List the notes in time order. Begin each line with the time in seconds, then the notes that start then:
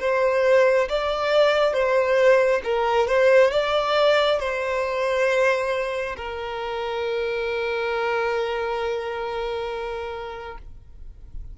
0.00 C5
0.89 D5
1.73 C5
2.64 A#4
3.08 C5
3.51 D5
4.40 C5
6.17 A#4